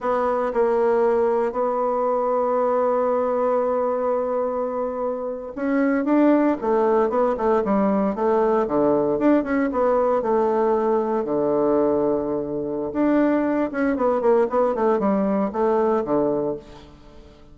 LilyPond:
\new Staff \with { instrumentName = "bassoon" } { \time 4/4 \tempo 4 = 116 b4 ais2 b4~ | b1~ | b2~ b8. cis'4 d'16~ | d'8. a4 b8 a8 g4 a16~ |
a8. d4 d'8 cis'8 b4 a16~ | a4.~ a16 d2~ d16~ | d4 d'4. cis'8 b8 ais8 | b8 a8 g4 a4 d4 | }